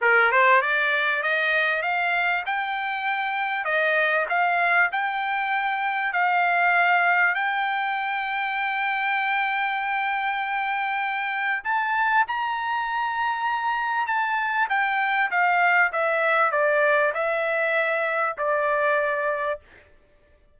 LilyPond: \new Staff \with { instrumentName = "trumpet" } { \time 4/4 \tempo 4 = 98 ais'8 c''8 d''4 dis''4 f''4 | g''2 dis''4 f''4 | g''2 f''2 | g''1~ |
g''2. a''4 | ais''2. a''4 | g''4 f''4 e''4 d''4 | e''2 d''2 | }